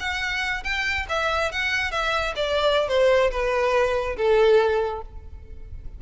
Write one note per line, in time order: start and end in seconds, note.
0.00 0.64 F#5
0.64 1.06 G5
1.09 1.52 E5
1.52 1.92 F#5
1.92 2.34 E5
2.36 2.89 D5
2.89 3.31 C5
3.31 4.16 B4
4.17 5.02 A4